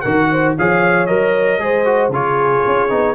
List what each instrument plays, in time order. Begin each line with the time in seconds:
0.00 tuba D#3, trombone F#4, horn A#4, trumpet F#5
0.31 horn C5
0.58 tuba F3, trombone G#4, horn C#5, trumpet F5
1.06 tuba F#3, trombone A#4, trumpet D#5
1.58 tuba G#3, trombone G#4, horn C5
1.85 trombone F#4
2.09 tuba C#3, trombone F4, horn G#4, trumpet C#5
2.66 tuba C#4
2.89 tuba B3, trombone D#4